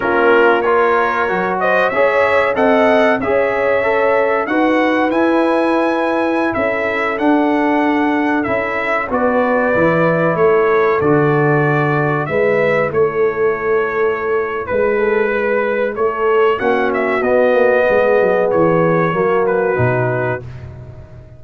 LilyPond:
<<
  \new Staff \with { instrumentName = "trumpet" } { \time 4/4 \tempo 4 = 94 ais'4 cis''4. dis''8 e''4 | fis''4 e''2 fis''4 | gis''2~ gis''16 e''4 fis''8.~ | fis''4~ fis''16 e''4 d''4.~ d''16~ |
d''16 cis''4 d''2 e''8.~ | e''16 cis''2~ cis''8. b'4~ | b'4 cis''4 fis''8 e''8 dis''4~ | dis''4 cis''4. b'4. | }
  \new Staff \with { instrumentName = "horn" } { \time 4/4 f'4 ais'4. c''8 cis''4 | dis''4 cis''2 b'4~ | b'2~ b'16 a'4.~ a'16~ | a'2~ a'16 b'4.~ b'16~ |
b'16 a'2. b'8.~ | b'16 a'2~ a'8. b'8 a'8 | b'4 a'4 fis'2 | gis'2 fis'2 | }
  \new Staff \with { instrumentName = "trombone" } { \time 4/4 cis'4 f'4 fis'4 gis'4 | a'4 gis'4 a'4 fis'4 | e'2.~ e'16 d'8.~ | d'4~ d'16 e'4 fis'4 e'8.~ |
e'4~ e'16 fis'2 e'8.~ | e'1~ | e'2 cis'4 b4~ | b2 ais4 dis'4 | }
  \new Staff \with { instrumentName = "tuba" } { \time 4/4 ais2 fis4 cis'4 | c'4 cis'2 dis'4 | e'2~ e'16 cis'4 d'8.~ | d'4~ d'16 cis'4 b4 e8.~ |
e16 a4 d2 gis8.~ | gis16 a2~ a8. gis4~ | gis4 a4 ais4 b8 ais8 | gis8 fis8 e4 fis4 b,4 | }
>>